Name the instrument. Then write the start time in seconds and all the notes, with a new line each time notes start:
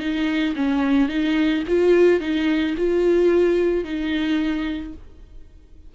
viola
0.00 D#4
0.56 C#4
1.09 D#4
1.68 F4
2.21 D#4
2.78 F4
3.85 D#4